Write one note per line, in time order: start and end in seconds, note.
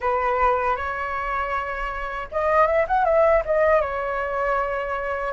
0.00 0.76 B4
0.76 2.28 C#5
2.31 2.66 D#5
2.66 2.85 E5
2.87 3.04 F#5
3.04 3.42 E5
3.45 3.81 D#5
3.81 5.32 C#5